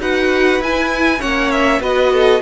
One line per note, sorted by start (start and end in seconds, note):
0.00 0.61 D#4
0.00 0.62 F#4
0.00 1.20 B4
0.00 0.63 F#5
0.61 1.21 E4
0.61 1.22 G#5
1.20 1.80 A#3
1.20 1.81 C#4
1.20 1.81 C#5
1.20 1.52 F#5
1.52 1.82 E5
1.80 2.41 B3
1.80 2.42 F#4
1.80 2.13 B4
1.80 2.42 D#5
2.14 2.42 A4